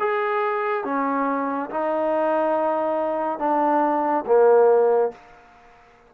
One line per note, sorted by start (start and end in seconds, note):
0.00 0.85 G#4
0.85 1.70 C#4
1.71 3.39 D#4
3.39 4.25 D4
4.27 5.12 A#3